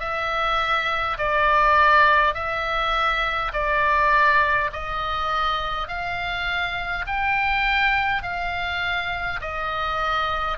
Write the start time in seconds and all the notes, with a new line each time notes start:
0.00 E5
1.18 D5
2.35 E5
3.53 D5
4.73 D#5
5.88 F5
7.07 G5
8.23 F5
9.41 D#5